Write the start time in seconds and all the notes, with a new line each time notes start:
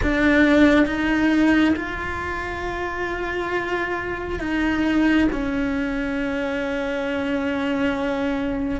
0.02 D4
0.86 D#4
1.76 F4
4.39 D#4
5.32 C#4